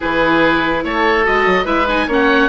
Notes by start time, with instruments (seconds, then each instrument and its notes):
0.00 bassoon E3, viola E4, oboe G#4 B4
0.84 bassoon A3, oboe A4 C#5
1.23 bassoon G#3, viola F#4, oboe D#5
1.46 bassoon F#3
1.64 bassoon G#3, viola E4, oboe B4 E5
1.88 viola D#4, oboe G#5
2.07 bassoon A#3, viola C#4, oboe C#5 F#5